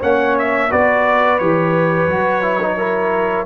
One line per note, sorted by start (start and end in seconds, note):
0.00 0.72 A#3
0.00 0.70 C#4
0.00 0.69 C#5
0.00 0.37 F#5
0.39 0.72 E5
0.70 1.41 B3
0.70 1.39 F#4
0.70 2.77 B4
0.70 1.39 D5
1.39 2.08 E3
1.39 2.09 G4
1.39 3.46 C#5
2.08 3.46 F#3
2.08 2.43 F#4
2.43 2.60 E4
2.62 2.78 D#4
2.77 3.46 E4
2.77 3.46 A#4